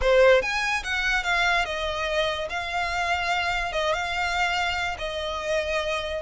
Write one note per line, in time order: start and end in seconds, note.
0.01 0.42 C5
0.42 0.83 G#5
0.83 1.23 F#5
1.23 1.65 F5
1.65 2.48 D#5
2.49 3.72 F5
3.72 3.93 D#5
3.93 4.96 F5
4.98 6.22 D#5